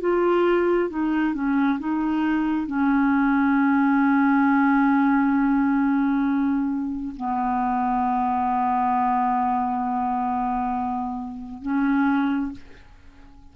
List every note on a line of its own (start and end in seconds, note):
0.00 0.90 F4
0.90 1.34 D#4
1.34 1.78 C#4
1.79 2.67 D#4
2.67 7.14 C#4
7.16 11.62 B3
11.62 12.51 C#4